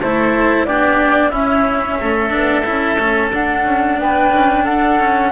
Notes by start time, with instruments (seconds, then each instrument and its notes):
0.00 double bass A3, cello E4, oboe A4, flute C5
0.65 double bass B3, cello D4, oboe G4, flute D5
1.29 double bass C#4, cello C#4, oboe E4, flute E5
2.00 double bass A3, oboe A4
2.30 double bass B3, cello D4
2.65 double bass C#4, cello E4
2.98 double bass A3, cello C#4
3.33 cello D4, double bass D4, flute F#5
3.64 double bass C#4
3.98 double bass B3, oboe B4, flute G5
4.33 double bass C#4
4.64 double bass D4, oboe A4, flute F#5
5.00 cello C#4